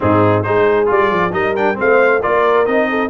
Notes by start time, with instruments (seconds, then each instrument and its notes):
0.00 tuba G#2, trombone C4, horn D#4, trumpet G#4
0.43 tuba G#3, trombone D#4, horn G#4, trumpet C5
0.86 tuba G3, trombone F4, trumpet D5
1.10 tuba F3
1.31 tuba G3, trombone D#4, horn A#4, trumpet D#5
1.56 trombone D4, trumpet G5
1.75 tuba A3, trombone C4, horn C5, trumpet F5
2.21 tuba A#3, trombone F4, horn A#4, trumpet D5
2.65 tuba C4, trombone D#4, trumpet D#5
2.90 horn A4